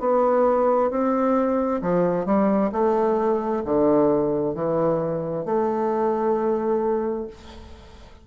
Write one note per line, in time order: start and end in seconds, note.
0.00 0.90 B3
0.90 1.81 C4
1.82 2.26 F3
2.26 2.71 G3
2.72 3.63 A3
3.65 4.55 D3
4.55 5.45 E3
5.45 7.27 A3